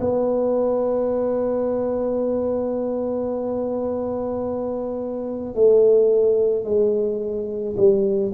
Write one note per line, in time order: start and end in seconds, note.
0.00 5.55 B3
5.55 6.64 A3
6.64 7.75 G#3
7.76 8.32 G3